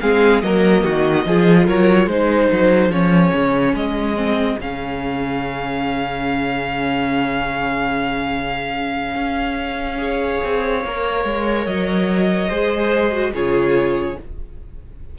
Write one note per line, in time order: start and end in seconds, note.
0.00 0.42 G#3
0.00 0.42 C4
0.00 0.43 G#4
0.00 0.41 F5
0.41 0.84 F#3
0.41 1.25 A#3
0.41 0.83 A#4
0.41 1.66 D#5
0.83 1.26 D#3
0.83 1.25 F#4
1.26 1.67 F3
1.26 2.10 F4
1.26 1.66 G#4
1.66 2.06 F#3
1.66 2.07 A#4
1.66 2.09 C#5
2.06 2.48 G#3
2.06 2.91 D#4
2.06 9.98 G#4
2.06 2.91 C5
2.52 2.89 F#3
2.89 3.30 F3
2.89 4.16 C#4
2.89 3.75 C#5
3.34 3.73 C#3
3.73 4.57 G#3
3.73 4.59 D#5
4.16 4.57 C4
4.59 9.15 C#3
4.59 9.98 C#4
4.59 11.65 F5
9.15 10.40 C#4
9.98 10.81 G#4
9.98 12.48 C#5
10.44 10.84 C4
10.84 11.24 A#3
10.84 12.50 A#4
11.24 11.66 G#3
11.65 12.49 F#3
11.65 13.32 D#5
12.48 13.33 G#3
12.48 13.11 G#4
12.48 13.31 C5
13.11 13.32 F#4
13.33 14.16 C#3
13.33 14.16 F4
13.33 14.17 G#4
13.33 14.18 C#5